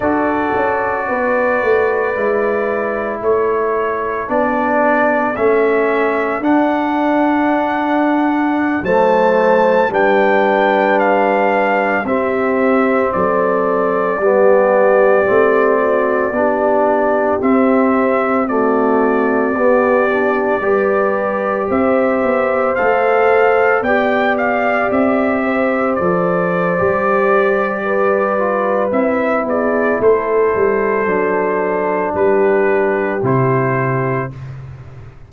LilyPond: <<
  \new Staff \with { instrumentName = "trumpet" } { \time 4/4 \tempo 4 = 56 d''2. cis''4 | d''4 e''4 fis''2~ | fis''16 a''4 g''4 f''4 e''8.~ | e''16 d''2.~ d''8.~ |
d''16 e''4 d''2~ d''8.~ | d''16 e''4 f''4 g''8 f''8 e''8.~ | e''16 d''2~ d''8. e''8 d''8 | c''2 b'4 c''4 | }
  \new Staff \with { instrumentName = "horn" } { \time 4/4 a'4 b'2 a'4~ | a'1~ | a'16 c''4 b'2 g'8.~ | g'16 a'4 g'4. fis'8 g'8.~ |
g'4~ g'16 fis'4 g'4 b'8.~ | b'16 c''2 d''4. c''16~ | c''2 b'4. gis'8 | a'2 g'2 | }
  \new Staff \with { instrumentName = "trombone" } { \time 4/4 fis'2 e'2 | d'4 cis'4 d'2~ | d'16 a4 d'2 c'8.~ | c'4~ c'16 b4 c'4 d'8.~ |
d'16 c'4 a4 b8 d'8 g'8.~ | g'4~ g'16 a'4 g'4.~ g'16~ | g'16 a'8. g'4. f'8 e'4~ | e'4 d'2 e'4 | }
  \new Staff \with { instrumentName = "tuba" } { \time 4/4 d'8 cis'8 b8 a8 gis4 a4 | b4 a4 d'2~ | d'16 fis4 g2 c'8.~ | c'16 fis4 g4 a4 b8.~ |
b16 c'2 b4 g8.~ | g16 c'8 b8 a4 b4 c'8.~ | c'16 f8. g2 c'8 b8 | a8 g8 fis4 g4 c4 | }
>>